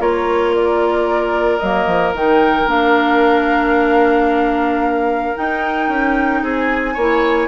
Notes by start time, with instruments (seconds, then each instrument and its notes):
0.00 bassoon A#3, clarinet F4, oboe A#4, flute C#5
0.55 flute D5
1.59 bassoon F#3, clarinet A#3, flute D#5
1.87 bassoon F3
2.14 bassoon D#3, clarinet D#4, flute G5
2.67 bassoon A#3, clarinet D4, flute F5
5.36 clarinet D#4, bassoon D#4, flute G5
5.89 bassoon C#4
6.43 bassoon C4, oboe G#4, flute G#5
6.94 bassoon A#3, clarinet E4, oboe C#5